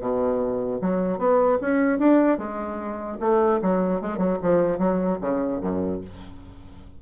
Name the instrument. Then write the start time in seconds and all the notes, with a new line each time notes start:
bassoon
0.00 B2
0.81 F#3
1.18 B3
1.61 C#4
1.98 D4
2.38 G#3
3.20 A3
3.62 F#3
4.01 G#3
4.17 F#3
4.41 F3
4.78 F#3
5.20 C#3
5.60 F#2